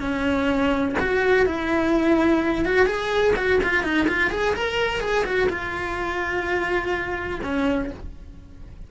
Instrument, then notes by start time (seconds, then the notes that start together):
cello
0.00 C#4
1.00 F#4
1.46 E4
2.65 F#4
2.86 G#4
3.36 F#4
3.63 F4
3.84 D#4
4.08 F4
4.31 G#4
4.55 A#4
5.01 G#4
5.25 F#4
5.49 F4
7.43 C#4